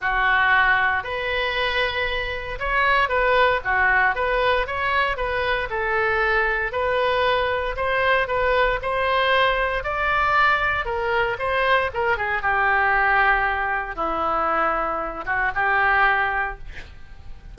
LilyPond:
\new Staff \with { instrumentName = "oboe" } { \time 4/4 \tempo 4 = 116 fis'2 b'2~ | b'4 cis''4 b'4 fis'4 | b'4 cis''4 b'4 a'4~ | a'4 b'2 c''4 |
b'4 c''2 d''4~ | d''4 ais'4 c''4 ais'8 gis'8 | g'2. e'4~ | e'4. fis'8 g'2 | }